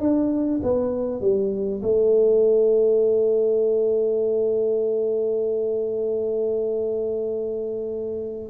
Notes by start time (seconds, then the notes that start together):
0.00 D4
0.63 B3
1.21 G3
1.82 A3